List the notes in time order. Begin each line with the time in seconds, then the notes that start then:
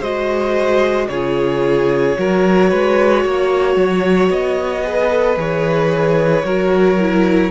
0.00 G#3 F#4 C5 D#5
1.08 C#3 F4 G#4 C#5
2.17 F#3 F#4 A#4
2.69 G#3 B4
3.24 A#3 C#5
3.76 F#3
4.30 B3 D#5
4.84 G#4 B4
5.10 A4
5.37 E3 G#4 C#5
6.44 F#3 F#4 A#4
6.99 E4